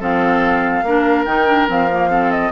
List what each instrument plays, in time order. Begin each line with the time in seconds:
0.00 bassoon F3, clarinet C4, oboe A4, flute F5
0.83 bassoon A#3, clarinet D4, oboe A#4
1.25 bassoon D#3, clarinet D#4, flute G5
1.47 clarinet D4
1.68 bassoon F3, clarinet C4, flute F5
1.91 clarinet A#3
2.10 clarinet C4, oboe A4
2.32 flute D#5